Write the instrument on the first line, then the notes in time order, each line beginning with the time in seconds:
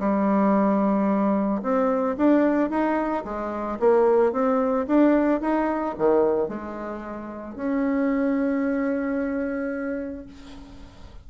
bassoon
0.00 G3
1.63 C4
2.18 D4
2.70 D#4
3.25 G#3
3.80 A#3
4.33 C4
4.87 D4
5.41 D#4
5.99 D#3
6.49 G#3
7.56 C#4